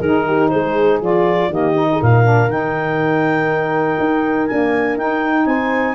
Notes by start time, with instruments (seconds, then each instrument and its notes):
0.00 tuba D#3, saxophone D#4, horn G#4, clarinet A#4
0.27 horn G4
0.49 tuba G#3, horn G#4, clarinet C5
1.02 tuba F3, saxophone F4, clarinet D5
1.49 tuba D#3, saxophone A#3, horn G4, clarinet D#5
1.75 saxophone D#4
1.92 horn G#4
2.00 tuba A#2, horn A#4, clarinet F5
2.24 saxophone D4
2.48 tuba D#3, saxophone D#4, clarinet G5
4.00 tuba D#4
4.48 saxophone A#3, tuba D4, clarinet G#5
4.97 tuba D#4, saxophone D#4, clarinet G5
5.46 tuba C4, horn C5, clarinet G#5